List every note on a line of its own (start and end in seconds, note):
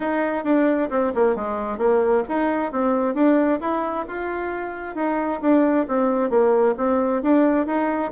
0.00 0.44 D#4
0.44 0.89 D4
0.90 1.12 C4
1.15 1.35 A#3
1.35 1.78 G#3
1.78 2.23 A#3
2.28 2.71 D#4
2.71 3.14 C4
3.14 3.59 D4
3.60 4.05 E4
4.07 4.95 F4
4.95 5.40 D#4
5.41 5.86 D4
5.87 6.29 C4
6.29 6.74 A#3
6.77 7.22 C4
7.22 7.66 D4
7.66 8.11 D#4